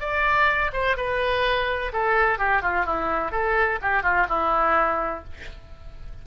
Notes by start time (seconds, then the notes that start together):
0.00 D5
0.73 C5
0.97 B4
1.93 A4
2.39 G4
2.62 F4
2.86 E4
3.32 A4
3.81 G4
4.03 F4
4.29 E4